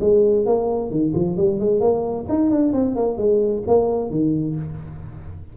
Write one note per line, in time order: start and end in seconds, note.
0.00 0.45 G#3
0.46 0.90 A#3
0.90 1.13 D#3
1.14 1.37 F3
1.37 1.59 G3
1.59 1.80 G#3
1.80 2.25 A#3
2.28 2.50 D#4
2.50 2.72 D4
2.72 2.95 C4
2.95 3.17 A#3
3.17 3.63 G#3
3.67 4.10 A#3
4.10 4.55 D#3